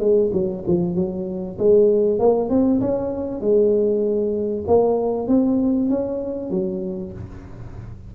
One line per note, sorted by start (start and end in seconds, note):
0.00 0.31 G#3
0.33 0.64 F#3
0.67 0.96 F3
0.96 1.57 F#3
1.59 2.19 G#3
2.19 2.50 A#3
2.50 2.81 C4
2.81 3.41 C#4
3.41 4.65 G#3
4.68 5.28 A#3
5.28 5.90 C4
5.90 6.51 C#4
6.51 7.13 F#3